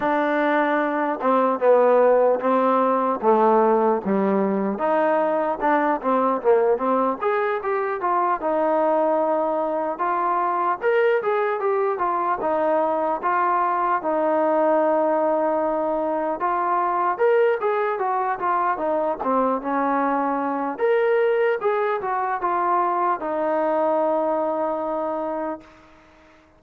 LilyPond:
\new Staff \with { instrumentName = "trombone" } { \time 4/4 \tempo 4 = 75 d'4. c'8 b4 c'4 | a4 g4 dis'4 d'8 c'8 | ais8 c'8 gis'8 g'8 f'8 dis'4.~ | dis'8 f'4 ais'8 gis'8 g'8 f'8 dis'8~ |
dis'8 f'4 dis'2~ dis'8~ | dis'8 f'4 ais'8 gis'8 fis'8 f'8 dis'8 | c'8 cis'4. ais'4 gis'8 fis'8 | f'4 dis'2. | }